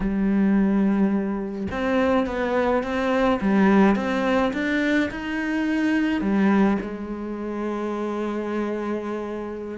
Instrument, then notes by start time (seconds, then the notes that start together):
cello
0.00 G3
1.71 C4
2.26 B3
2.83 C4
3.41 G3
3.95 C4
4.53 D4
5.10 D#4
6.21 G3
6.81 G#3